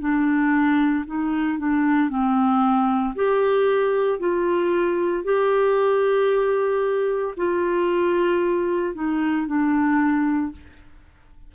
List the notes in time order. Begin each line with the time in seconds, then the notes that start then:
0.00 D4
1.06 D#4
1.58 D4
2.10 C4
3.15 G4
4.20 F4
5.24 G4
7.37 F4
8.95 D#4
9.47 D4